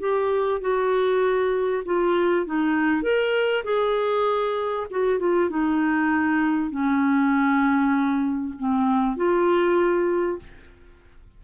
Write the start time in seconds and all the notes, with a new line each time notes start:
0.00 G4
0.61 F#4
1.85 F4
2.46 D#4
3.02 A#4
3.64 G#4
4.91 F#4
5.19 F4
5.50 D#4
6.71 C#4
8.59 C4
9.16 F4